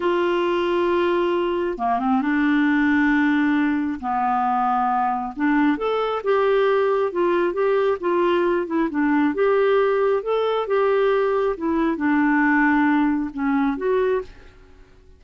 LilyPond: \new Staff \with { instrumentName = "clarinet" } { \time 4/4 \tempo 4 = 135 f'1 | ais8 c'8 d'2.~ | d'4 b2. | d'4 a'4 g'2 |
f'4 g'4 f'4. e'8 | d'4 g'2 a'4 | g'2 e'4 d'4~ | d'2 cis'4 fis'4 | }